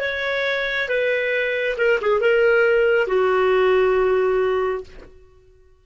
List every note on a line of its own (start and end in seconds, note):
0.00 0.88 C#5
0.88 1.76 B4
1.77 1.99 A#4
2.01 2.20 G#4
2.20 3.07 A#4
3.07 4.83 F#4